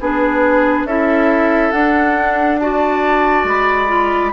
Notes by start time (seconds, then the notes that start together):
0.00 B3 D4 G#4 B4
0.84 C#4 E4 A4 E5
1.71 D4 F#5
2.58 F#4 D5 A5
3.44 G#3 B5
3.87 F4